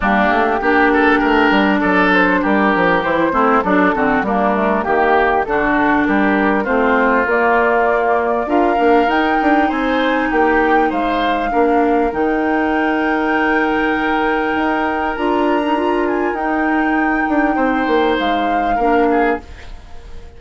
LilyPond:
<<
  \new Staff \with { instrumentName = "flute" } { \time 4/4 \tempo 4 = 99 g'2. d''8 c''8 | ais'4 c''4 a'4 ais'4 | g'4 a'4 ais'4 c''4 | d''2 f''4 g''4 |
gis''4 g''4 f''2 | g''1~ | g''4 ais''4. gis''8 g''4~ | g''2 f''2 | }
  \new Staff \with { instrumentName = "oboe" } { \time 4/4 d'4 g'8 a'8 ais'4 a'4 | g'4. e'8 d'8 fis'8 d'4 | g'4 fis'4 g'4 f'4~ | f'2 ais'2 |
c''4 g'4 c''4 ais'4~ | ais'1~ | ais'1~ | ais'4 c''2 ais'8 gis'8 | }
  \new Staff \with { instrumentName = "clarinet" } { \time 4/4 ais4 d'2.~ | d'4 e'8 c'8 d'8 c'8 ais8 a8 | ais4 d'2 c'4 | ais2 f'8 d'8 dis'4~ |
dis'2. d'4 | dis'1~ | dis'4 f'8. dis'16 f'4 dis'4~ | dis'2. d'4 | }
  \new Staff \with { instrumentName = "bassoon" } { \time 4/4 g8 a8 ais4 a8 g8 fis4 | g8 f8 e8 a8 fis8 d8 g4 | dis4 d4 g4 a4 | ais2 d'8 ais8 dis'8 d'8 |
c'4 ais4 gis4 ais4 | dis1 | dis'4 d'2 dis'4~ | dis'8 d'8 c'8 ais8 gis4 ais4 | }
>>